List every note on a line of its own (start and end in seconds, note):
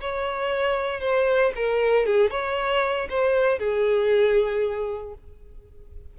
0.00 1.00 C#5
1.00 1.52 C5
1.55 2.06 A#4
2.06 2.30 G#4
2.30 3.08 C#5
3.09 3.59 C5
3.59 5.14 G#4